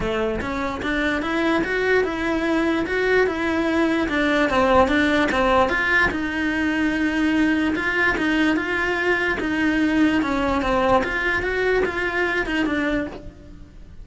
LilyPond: \new Staff \with { instrumentName = "cello" } { \time 4/4 \tempo 4 = 147 a4 cis'4 d'4 e'4 | fis'4 e'2 fis'4 | e'2 d'4 c'4 | d'4 c'4 f'4 dis'4~ |
dis'2. f'4 | dis'4 f'2 dis'4~ | dis'4 cis'4 c'4 f'4 | fis'4 f'4. dis'8 d'4 | }